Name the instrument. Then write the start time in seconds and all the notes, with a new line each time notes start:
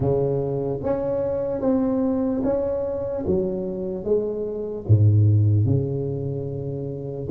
tuba
0.00 C#3
0.83 C#4
1.60 C4
2.43 C#4
3.26 F#3
4.04 G#3
4.87 G#2
5.65 C#3